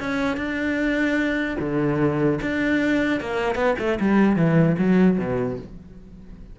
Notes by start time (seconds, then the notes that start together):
0.00 C#4
0.37 D4
1.60 D3
2.42 D4
3.21 A#3
3.56 B3
3.79 A3
4.01 G3
4.37 E3
4.79 F#3
5.19 B2